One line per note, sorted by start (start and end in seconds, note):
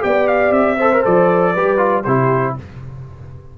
0.00 0.51 B3
0.00 0.76 G4
0.00 0.78 D5
0.00 0.28 G5
0.28 0.52 F5
0.51 1.02 C4
0.51 1.03 E5
0.78 0.93 A4
0.78 1.54 C5
0.93 1.04 A#4
1.04 1.56 F3
1.04 1.55 A4
1.04 2.04 D5
1.54 2.06 G3
1.54 1.78 G4
1.54 2.05 B4
1.78 2.03 F4
2.04 2.57 C3
2.04 2.58 E4
2.04 2.56 G4
2.04 2.55 C5